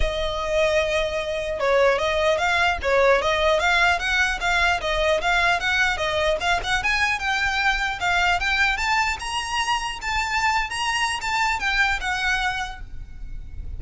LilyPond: \new Staff \with { instrumentName = "violin" } { \time 4/4 \tempo 4 = 150 dis''1 | cis''4 dis''4 f''4 cis''4 | dis''4 f''4 fis''4 f''4 | dis''4 f''4 fis''4 dis''4 |
f''8 fis''8 gis''4 g''2 | f''4 g''4 a''4 ais''4~ | ais''4 a''4.~ a''16 ais''4~ ais''16 | a''4 g''4 fis''2 | }